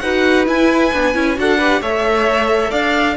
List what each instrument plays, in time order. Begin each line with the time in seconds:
0.00 cello D#4, viola F#4, violin B4 F#5
0.46 viola E4, cello E4, violin G#5
0.93 cello B3, viola D4
1.14 cello C#4, viola E4
1.36 cello D4, viola F#4, violin A4 F#5
1.58 viola G4, violin B4
1.81 cello A3, viola A4, violin C#5 E5
2.71 cello D4, violin D5 F5